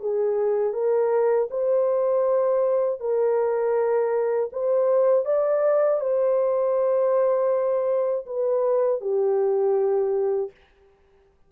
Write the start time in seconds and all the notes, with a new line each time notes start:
0.00 G#4
0.73 A#4
1.50 C5
3.00 A#4
4.52 C5
5.25 D5
6.00 C5
8.26 B4
9.01 G4